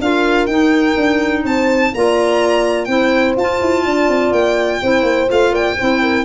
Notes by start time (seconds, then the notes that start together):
0.00 D4 F4 A#4 F5
0.47 D#4 G5
0.97 D4
1.44 C4 C5 A5
1.94 A#3 F4 D5 A#5
2.85 C4 E4 C5 G5
3.37 F4 A5
3.62 E4
3.85 D4 D5
4.08 C4
4.32 A#3 G5
4.82 C4 E4 C5
5.03 A#3
5.28 A3 F4 F5
5.52 A#3 D5 G5
5.78 C4 E4 C5
6.02 A#4